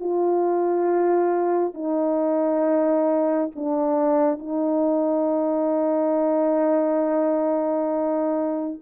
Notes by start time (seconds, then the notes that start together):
0.00 F4
1.74 D#4
3.55 D4
4.39 D#4